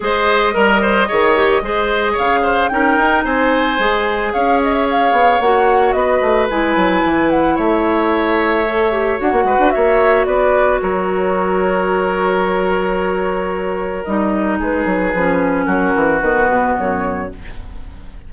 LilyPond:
<<
  \new Staff \with { instrumentName = "flute" } { \time 4/4 \tempo 4 = 111 dis''1 | f''4 g''4 gis''2 | f''8 dis''16 e''16 f''4 fis''4 dis''4 | gis''4. fis''8 e''2~ |
e''4 fis''4 e''4 d''4 | cis''1~ | cis''2 dis''4 b'4~ | b'4 ais'4 b'4 cis''4 | }
  \new Staff \with { instrumentName = "oboe" } { \time 4/4 c''4 ais'8 c''8 cis''4 c''4 | cis''8 c''8 ais'4 c''2 | cis''2. b'4~ | b'2 cis''2~ |
cis''4. b'8 cis''4 b'4 | ais'1~ | ais'2. gis'4~ | gis'4 fis'2. | }
  \new Staff \with { instrumentName = "clarinet" } { \time 4/4 gis'4 ais'4 gis'8 g'8 gis'4~ | gis'4 dis'2 gis'4~ | gis'2 fis'2 | e'1 |
a'8 g'8 fis'2.~ | fis'1~ | fis'2 dis'2 | cis'2 b2 | }
  \new Staff \with { instrumentName = "bassoon" } { \time 4/4 gis4 g4 dis4 gis4 | cis4 cis'8 dis'8 c'4 gis4 | cis'4. b8 ais4 b8 a8 | gis8 fis8 e4 a2~ |
a4 d'16 ais16 gis16 d'16 ais4 b4 | fis1~ | fis2 g4 gis8 fis8 | f4 fis8 e8 dis8 b,8 fis,4 | }
>>